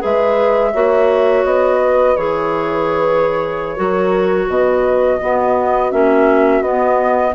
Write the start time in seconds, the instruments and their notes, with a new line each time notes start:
0.00 bassoon G#3, clarinet G#4, horn B4, flute E5
0.72 bassoon A#3, clarinet F#4, horn C#5
1.45 bassoon B3, flute D#5
1.82 horn B4
2.17 bassoon E3, clarinet G#4, flute C#5
3.76 bassoon F#3, clarinet F#4, horn A#4
4.48 bassoon B2, horn B4, flute D#5
5.20 clarinet B3, bassoon B3, horn F#4
5.92 bassoon A#3, clarinet C#4, flute E5
6.61 bassoon B3, clarinet B3, flute D#5